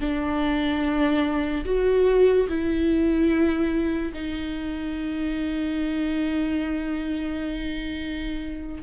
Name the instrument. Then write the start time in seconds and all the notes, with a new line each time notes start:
viola
0.00 D4
1.65 F#4
2.48 E4
4.13 D#4